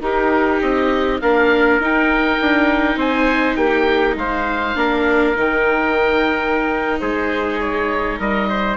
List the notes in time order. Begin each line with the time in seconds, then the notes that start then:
0.00 D#4 G4 A#4
0.61 C4 D#5
1.21 A#3 D4 A#4 F5
1.79 D#4 G5
2.41 D4
2.96 C4 C5 G#5
3.56 A#3 G4 G5
4.15 G#3 C5 F5
4.75 A#3 D4 A#4
5.36 D#3 D#4 G5
7.00 G#3 G#4 C5
7.60 C#5
8.19 G3 A#4 D#5
8.50 C5